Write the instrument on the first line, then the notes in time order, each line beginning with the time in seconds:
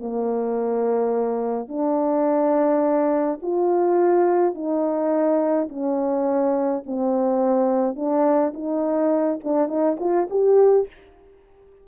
horn
0.00 A#3
1.69 D4
3.42 F4
4.55 D#4
5.69 C#4
6.86 C4
7.96 D4
8.54 D#4
9.44 D4
9.69 D#4
10.00 F4
10.30 G4